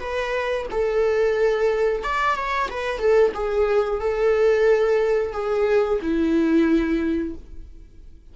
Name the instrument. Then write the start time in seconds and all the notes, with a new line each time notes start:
viola
0.00 B4
0.71 A4
2.04 D5
2.36 C#5
2.70 B4
2.99 A4
3.35 G#4
4.01 A4
5.33 G#4
6.02 E4